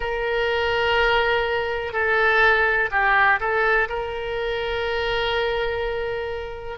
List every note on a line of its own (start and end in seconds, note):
0.00 1.92 A#4
1.92 2.89 A4
2.91 3.39 G4
3.40 3.88 A4
3.88 6.77 A#4